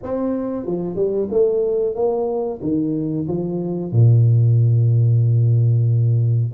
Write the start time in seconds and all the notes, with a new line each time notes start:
0.02 C4
0.66 F3
0.95 G3
1.31 A3
1.95 A#3
2.61 D#3
3.27 F3
3.91 A#2